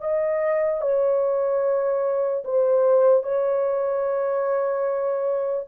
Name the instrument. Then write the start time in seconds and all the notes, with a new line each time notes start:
horn
0.00 D#5
0.81 C#5
2.44 C5
3.23 C#5